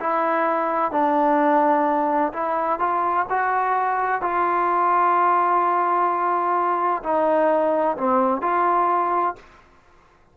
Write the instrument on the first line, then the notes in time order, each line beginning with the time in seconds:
trombone
0.00 E4
0.91 D4
2.33 E4
2.79 F4
3.29 F#4
4.21 F4
7.03 D#4
7.97 C4
8.42 F4